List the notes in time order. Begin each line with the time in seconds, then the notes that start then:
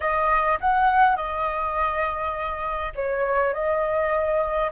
0.00 D#5
0.60 F#5
1.16 D#5
2.95 C#5
3.53 D#5